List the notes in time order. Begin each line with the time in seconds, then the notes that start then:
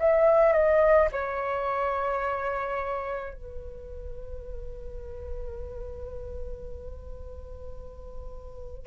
0.00 E5
0.53 D#5
1.13 C#5
3.34 B4